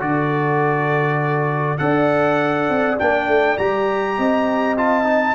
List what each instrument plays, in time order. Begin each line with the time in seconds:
0.00 tuba D3, trombone F#4, horn A4, trumpet D5
1.78 tuba D4, trombone A4, horn D5, trumpet F#5
2.69 tuba C4
2.98 tuba A#3, trombone D4, trumpet G5
3.27 tuba A3
3.57 tuba G3, trombone G4, trumpet A#5
4.18 tuba C4, horn D#5
4.77 trombone F4, trumpet A5
5.04 trombone D#4